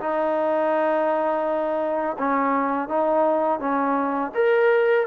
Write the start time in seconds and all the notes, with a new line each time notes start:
0.00 D#4
2.19 C#4
2.88 D#4
3.60 C#4
4.34 A#4